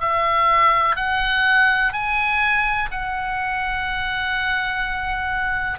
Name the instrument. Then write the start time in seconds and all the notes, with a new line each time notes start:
oboe
0.00 E5
0.95 F#5
1.93 G#5
2.91 F#5